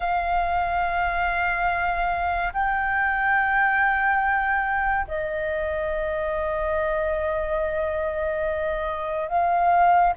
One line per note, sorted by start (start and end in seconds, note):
0.00 2.52 F5
2.53 5.07 G5
5.07 9.28 D#5
9.28 10.13 F5